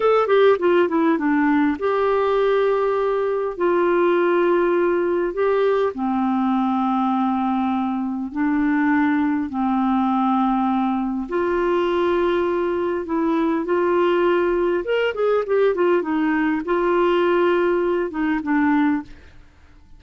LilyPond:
\new Staff \with { instrumentName = "clarinet" } { \time 4/4 \tempo 4 = 101 a'8 g'8 f'8 e'8 d'4 g'4~ | g'2 f'2~ | f'4 g'4 c'2~ | c'2 d'2 |
c'2. f'4~ | f'2 e'4 f'4~ | f'4 ais'8 gis'8 g'8 f'8 dis'4 | f'2~ f'8 dis'8 d'4 | }